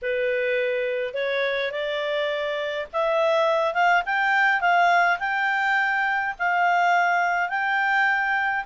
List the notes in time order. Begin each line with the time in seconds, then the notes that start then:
0.02 B4
1.14 C#5
1.71 D5
2.93 E5
3.74 F5
4.05 G5
4.60 F5
5.19 G5
6.38 F5
7.49 G5